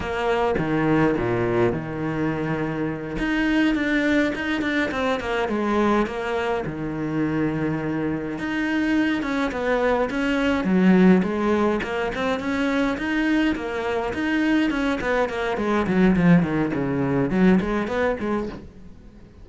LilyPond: \new Staff \with { instrumentName = "cello" } { \time 4/4 \tempo 4 = 104 ais4 dis4 ais,4 dis4~ | dis4. dis'4 d'4 dis'8 | d'8 c'8 ais8 gis4 ais4 dis8~ | dis2~ dis8 dis'4. |
cis'8 b4 cis'4 fis4 gis8~ | gis8 ais8 c'8 cis'4 dis'4 ais8~ | ais8 dis'4 cis'8 b8 ais8 gis8 fis8 | f8 dis8 cis4 fis8 gis8 b8 gis8 | }